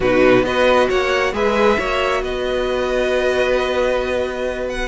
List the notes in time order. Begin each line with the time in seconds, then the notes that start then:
0.00 B2 D#4 F#4 B4
0.43 B3 F#4 B4 D#5
0.88 A#3 C#5 F#5
1.32 G#3 G#4 B4 E5
1.78 A#3 F#4 C#5
2.22 B3 B4 D#5
4.69 F#5